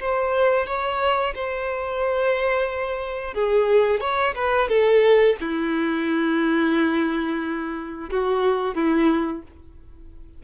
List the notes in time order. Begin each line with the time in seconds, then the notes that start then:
0.00 C5
0.66 C#5
1.35 C5
3.34 G#4
4.01 C#5
4.35 B4
4.69 A4
5.41 E4
8.10 F#4
8.75 E4